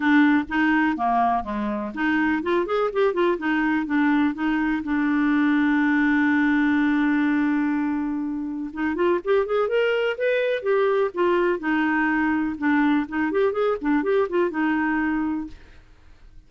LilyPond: \new Staff \with { instrumentName = "clarinet" } { \time 4/4 \tempo 4 = 124 d'4 dis'4 ais4 gis4 | dis'4 f'8 gis'8 g'8 f'8 dis'4 | d'4 dis'4 d'2~ | d'1~ |
d'2 dis'8 f'8 g'8 gis'8 | ais'4 b'4 g'4 f'4 | dis'2 d'4 dis'8 g'8 | gis'8 d'8 g'8 f'8 dis'2 | }